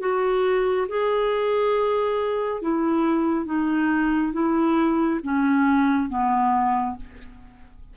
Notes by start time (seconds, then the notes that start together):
0.00 F#4
0.88 G#4
2.61 E4
3.45 D#4
4.33 E4
5.23 C#4
6.09 B3